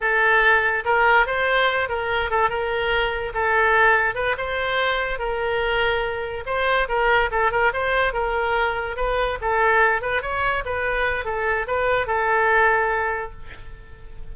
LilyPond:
\new Staff \with { instrumentName = "oboe" } { \time 4/4 \tempo 4 = 144 a'2 ais'4 c''4~ | c''8 ais'4 a'8 ais'2 | a'2 b'8 c''4.~ | c''8 ais'2. c''8~ |
c''8 ais'4 a'8 ais'8 c''4 ais'8~ | ais'4. b'4 a'4. | b'8 cis''4 b'4. a'4 | b'4 a'2. | }